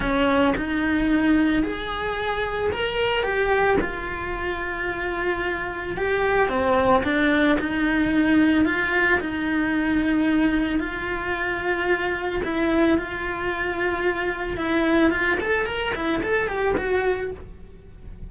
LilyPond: \new Staff \with { instrumentName = "cello" } { \time 4/4 \tempo 4 = 111 cis'4 dis'2 gis'4~ | gis'4 ais'4 g'4 f'4~ | f'2. g'4 | c'4 d'4 dis'2 |
f'4 dis'2. | f'2. e'4 | f'2. e'4 | f'8 a'8 ais'8 e'8 a'8 g'8 fis'4 | }